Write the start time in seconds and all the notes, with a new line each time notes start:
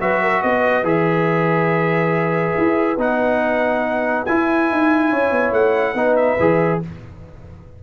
0.00 F#3 F#4 B4 E5
0.22 A#4
0.42 B3 B4 D#5
0.83 E3 G#4 E5
2.58 E4
2.98 B3 D#4 F#5
4.26 E4 G#5
4.71 D#4
5.10 C#4 C#5
5.31 B3
5.52 A3 F#5
5.94 B3 D#4 B4
6.16 E5
6.40 E3 G#4